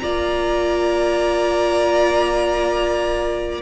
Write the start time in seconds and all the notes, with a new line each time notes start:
0.00 A#3 F4 D5 A#5